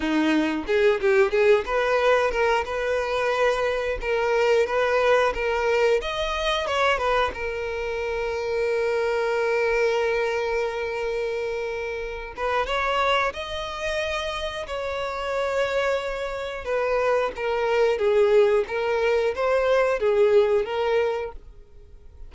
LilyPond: \new Staff \with { instrumentName = "violin" } { \time 4/4 \tempo 4 = 90 dis'4 gis'8 g'8 gis'8 b'4 ais'8 | b'2 ais'4 b'4 | ais'4 dis''4 cis''8 b'8 ais'4~ | ais'1~ |
ais'2~ ais'8 b'8 cis''4 | dis''2 cis''2~ | cis''4 b'4 ais'4 gis'4 | ais'4 c''4 gis'4 ais'4 | }